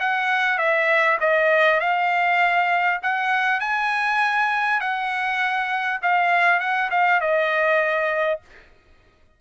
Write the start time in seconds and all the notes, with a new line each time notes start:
0.00 F#5
0.59 E5
1.21 D#5
1.81 F5
3.03 F#5
3.60 G#5
4.80 F#5
6.02 F5
6.60 F#5
6.91 F5
7.21 D#5